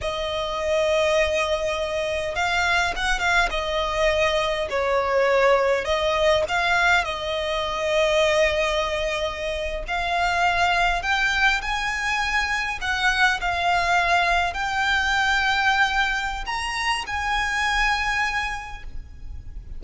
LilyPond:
\new Staff \with { instrumentName = "violin" } { \time 4/4 \tempo 4 = 102 dis''1 | f''4 fis''8 f''8 dis''2 | cis''2 dis''4 f''4 | dis''1~ |
dis''8. f''2 g''4 gis''16~ | gis''4.~ gis''16 fis''4 f''4~ f''16~ | f''8. g''2.~ g''16 | ais''4 gis''2. | }